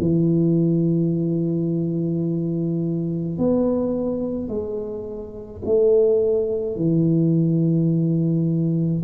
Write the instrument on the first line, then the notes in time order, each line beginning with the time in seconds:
tuba
0.00 E3
3.38 B3
4.48 G#3
5.65 A3
6.76 E3